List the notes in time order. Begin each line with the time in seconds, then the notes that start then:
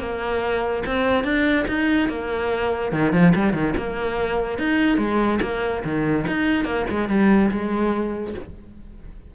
0.00 A#3
0.86 C4
1.24 D4
1.68 D#4
2.09 A#3
2.92 D#3
3.13 F3
3.36 G3
3.54 D#3
3.78 A#3
4.59 D#4
4.98 G#3
5.42 A#3
5.85 D#3
6.27 D#4
6.65 A#3
6.90 G#3
7.09 G3
7.51 G#3